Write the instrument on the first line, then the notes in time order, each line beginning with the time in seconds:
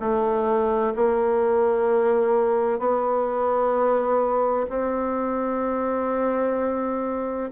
bassoon
0.00 A3
0.96 A#3
2.79 B3
4.70 C4